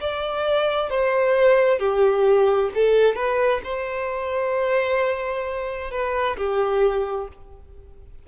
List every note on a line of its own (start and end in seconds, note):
0.00 0.90 D5
0.90 1.79 C5
1.79 2.70 G4
2.75 3.15 A4
3.15 3.61 B4
3.64 5.91 C5
5.91 6.36 B4
6.37 7.28 G4